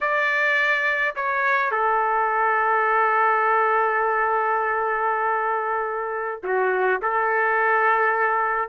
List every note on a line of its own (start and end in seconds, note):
0.01 1.15 D5
1.15 1.71 C#5
1.71 6.42 A4
6.43 7.00 F#4
7.01 8.69 A4